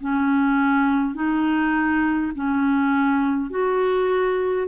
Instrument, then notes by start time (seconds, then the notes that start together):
clarinet
0.00 C#4
1.14 D#4
2.35 C#4
3.50 F#4